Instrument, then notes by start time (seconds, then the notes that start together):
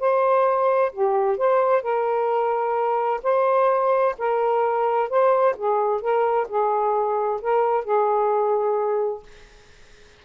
saxophone
0.00 C5
0.93 G4
1.38 C5
1.83 A#4
3.23 C5
4.19 A#4
5.10 C5
5.58 G#4
6.02 A#4
6.49 G#4
7.42 A#4
7.85 G#4